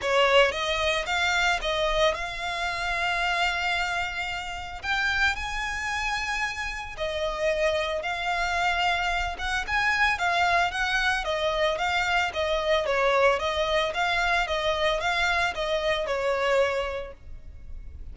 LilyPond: \new Staff \with { instrumentName = "violin" } { \time 4/4 \tempo 4 = 112 cis''4 dis''4 f''4 dis''4 | f''1~ | f''4 g''4 gis''2~ | gis''4 dis''2 f''4~ |
f''4. fis''8 gis''4 f''4 | fis''4 dis''4 f''4 dis''4 | cis''4 dis''4 f''4 dis''4 | f''4 dis''4 cis''2 | }